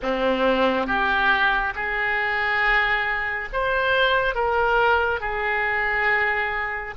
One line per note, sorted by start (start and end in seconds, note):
0.02 0.86 C4
0.86 1.73 G4
1.75 3.49 G#4
3.52 4.34 C5
4.34 5.20 A#4
5.20 6.94 G#4